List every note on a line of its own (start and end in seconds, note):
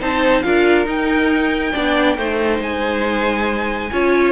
0.00 0.44 C4
0.00 0.43 D#4
0.00 0.44 C5
0.00 0.42 A5
0.42 0.86 D4
0.42 0.85 F4
0.42 1.73 A#4
0.42 0.86 F5
0.85 1.72 D#4
0.85 1.73 D#4
0.85 2.62 G5
1.73 2.18 B3
1.73 2.17 D4
1.73 2.16 D5
2.17 2.60 A3
2.17 3.91 D#4
2.17 3.91 C5
2.60 3.90 G#3
2.60 4.32 G#5
3.92 4.32 C#4
3.92 4.32 F4
3.92 4.32 C#5